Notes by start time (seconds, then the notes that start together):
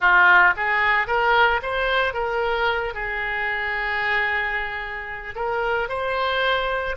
0.00 F4
0.56 G#4
1.07 A#4
1.62 C5
2.13 A#4
2.93 G#4
5.35 A#4
5.88 C5